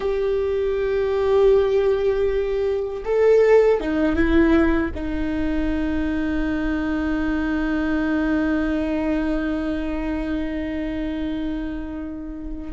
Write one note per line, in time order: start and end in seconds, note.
0.00 3.03 G4
3.04 3.80 A4
3.80 4.15 D#4
4.15 4.91 E4
4.94 12.72 D#4